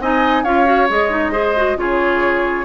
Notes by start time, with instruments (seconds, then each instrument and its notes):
0.00 bassoon C4, clarinet D#4, oboe D#5, flute G#5
0.44 bassoon C#4, clarinet F4, oboe C#5, flute F5
0.65 clarinet F#4
0.90 bassoon G#3, clarinet G#4, flute D#5
1.10 clarinet D#4
1.32 clarinet G#4, oboe C5
1.57 clarinet F#4
1.77 bassoon C#3, clarinet F4, oboe G#4, flute C#5